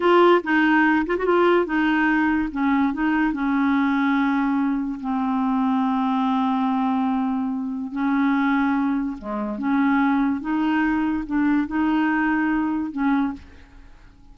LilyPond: \new Staff \with { instrumentName = "clarinet" } { \time 4/4 \tempo 4 = 144 f'4 dis'4. f'16 fis'16 f'4 | dis'2 cis'4 dis'4 | cis'1 | c'1~ |
c'2. cis'4~ | cis'2 gis4 cis'4~ | cis'4 dis'2 d'4 | dis'2. cis'4 | }